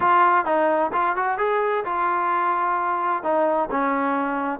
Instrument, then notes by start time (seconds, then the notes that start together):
trombone
0.00 F4
0.45 D#4
0.92 F4
1.16 F#4
1.38 G#4
1.85 F4
3.23 D#4
3.70 C#4